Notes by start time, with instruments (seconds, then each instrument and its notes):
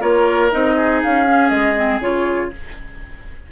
0.00 bassoon A#3, clarinet F4, oboe A#4, flute C#5
0.51 bassoon C4, clarinet D#4, flute D#5
0.75 oboe G#4
1.02 bassoon C#4, flute F5
1.27 clarinet C#4
1.49 bassoon G#3, flute D#5
1.76 clarinet C4
2.00 bassoon C#3, clarinet F4, flute C#5